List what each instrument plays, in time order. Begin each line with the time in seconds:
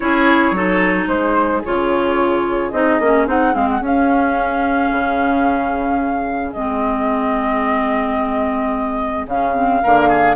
0.00 bassoon C#4, clarinet E4, oboe G#4, flute C#5
0.51 bassoon F#3, clarinet D#4, oboe A4
1.07 bassoon G#3, oboe G#4, flute C5
1.64 bassoon C#3, clarinet F4, flute C#5
2.71 bassoon C4, clarinet D#4, flute D#5
2.99 bassoon A#3, clarinet C#4
3.26 bassoon C4, clarinet D#4, flute F#5
3.52 bassoon G#3, clarinet C4, flute F5
3.69 flute F#5
3.80 bassoon C#4, clarinet C#4, flute F5
4.91 bassoon C#3
6.52 bassoon G#3, clarinet C4, flute D#5
9.26 bassoon C#3, clarinet C#4, flute F5
9.54 clarinet C4
9.83 bassoon D3, clarinet A#3, oboe A#4
10.08 oboe G#4